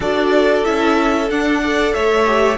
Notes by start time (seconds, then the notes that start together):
0.00 D4 F#4 A4 D5
0.64 C#4 E4 E5
1.30 D4 F#5
1.62 A4 D5
1.93 A3 C#5 E5
2.25 G4